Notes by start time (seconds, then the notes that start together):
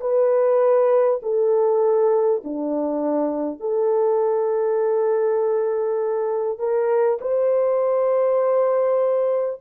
0.00 B4
1.22 A4
2.43 D4
3.60 A4
6.58 A#4
7.20 C5